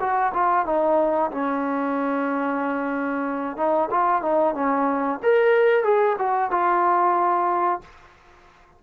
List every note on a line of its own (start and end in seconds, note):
0.00 0.33 F#4
0.33 0.66 F4
0.66 1.31 D#4
1.31 3.57 C#4
3.57 3.90 D#4
3.91 4.22 F4
4.22 4.54 D#4
4.54 5.20 C#4
5.23 5.84 A#4
5.84 6.17 G#4
6.19 6.51 F#4
6.51 7.81 F4